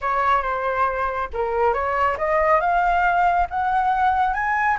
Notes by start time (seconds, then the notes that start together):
0.01 C#5
0.42 C5
1.33 A#4
1.73 C#5
2.17 D#5
2.60 F5
3.49 F#5
4.33 G#5